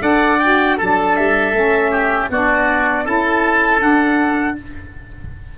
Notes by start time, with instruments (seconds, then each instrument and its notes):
0.00 tuba D4, saxophone A4, oboe D5, trumpet F#5
0.40 saxophone F#4, trumpet G5
0.77 tuba F#3, saxophone D4, oboe A4, trumpet A5
1.16 tuba G3, trumpet E5
1.52 tuba A3, saxophone C#4
1.91 oboe G4
2.30 tuba B3, saxophone D4, oboe F#4, trumpet D5
3.05 tuba C#4, saxophone E4, oboe A4, trumpet A5
3.79 saxophone D4, tuba D4, trumpet F#5